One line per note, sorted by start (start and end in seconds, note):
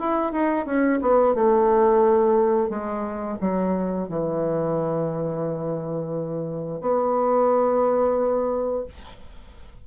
0.00 0.33 E4
0.33 0.66 D#4
0.66 1.00 C#4
1.01 1.35 B3
1.35 2.70 A3
2.70 3.38 G#3
3.41 4.09 F#3
4.09 6.81 E3
6.81 8.86 B3